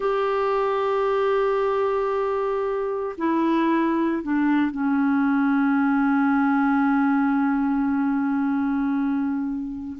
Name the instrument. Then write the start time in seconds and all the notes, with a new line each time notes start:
clarinet
0.00 G4
3.17 E4
4.22 D4
4.71 C#4